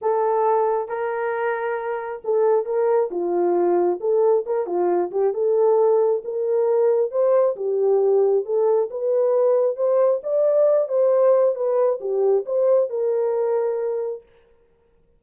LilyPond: \new Staff \with { instrumentName = "horn" } { \time 4/4 \tempo 4 = 135 a'2 ais'2~ | ais'4 a'4 ais'4 f'4~ | f'4 a'4 ais'8 f'4 g'8 | a'2 ais'2 |
c''4 g'2 a'4 | b'2 c''4 d''4~ | d''8 c''4. b'4 g'4 | c''4 ais'2. | }